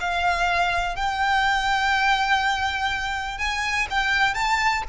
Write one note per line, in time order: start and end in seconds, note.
0.00 0.96 F5
0.96 3.38 G5
3.38 3.87 G#5
3.90 4.34 G5
4.34 4.83 A5